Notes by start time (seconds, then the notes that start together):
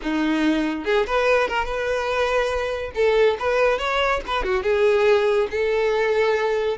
0.02 D#4
0.84 G#4
1.06 B4
1.48 A#4
1.65 B4
2.95 A4
3.39 B4
3.78 C#5
4.26 B4
4.43 F#4
4.62 G#4
5.50 A4